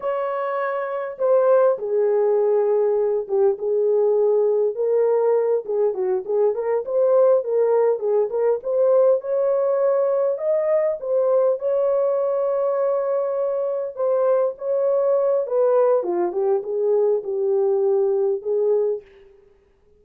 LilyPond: \new Staff \with { instrumentName = "horn" } { \time 4/4 \tempo 4 = 101 cis''2 c''4 gis'4~ | gis'4. g'8 gis'2 | ais'4. gis'8 fis'8 gis'8 ais'8 c''8~ | c''8 ais'4 gis'8 ais'8 c''4 cis''8~ |
cis''4. dis''4 c''4 cis''8~ | cis''2.~ cis''8 c''8~ | c''8 cis''4. b'4 f'8 g'8 | gis'4 g'2 gis'4 | }